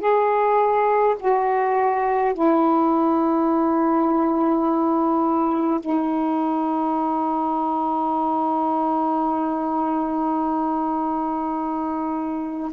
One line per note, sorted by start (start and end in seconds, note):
0.00 1.15 G#4
1.20 2.34 F#4
2.34 5.80 E4
5.80 12.72 D#4